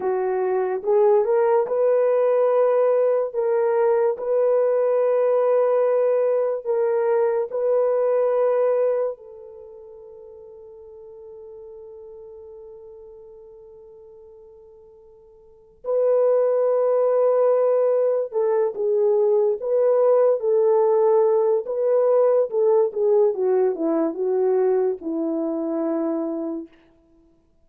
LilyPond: \new Staff \with { instrumentName = "horn" } { \time 4/4 \tempo 4 = 72 fis'4 gis'8 ais'8 b'2 | ais'4 b'2. | ais'4 b'2 a'4~ | a'1~ |
a'2. b'4~ | b'2 a'8 gis'4 b'8~ | b'8 a'4. b'4 a'8 gis'8 | fis'8 e'8 fis'4 e'2 | }